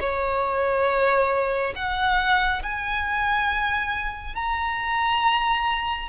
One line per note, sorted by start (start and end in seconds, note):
0.00 1.74 C#5
1.75 2.62 F#5
2.63 4.35 G#5
4.35 6.09 A#5